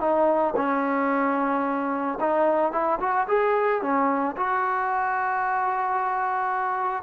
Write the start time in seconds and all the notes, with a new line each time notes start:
0.00 D#4
0.56 C#4
2.20 D#4
2.72 E4
3.00 F#4
3.28 G#4
3.82 C#4
4.37 F#4